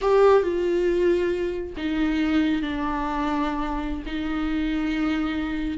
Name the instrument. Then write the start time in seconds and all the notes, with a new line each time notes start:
viola
0.01 G4
0.42 F4
1.76 D#4
2.62 D4
4.06 D#4